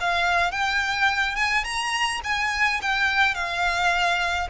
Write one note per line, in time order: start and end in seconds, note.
0.00 0.51 F5
0.51 1.36 G5
1.36 1.64 G#5
1.64 2.21 A#5
2.24 2.80 G#5
2.82 3.34 G5
3.34 4.47 F5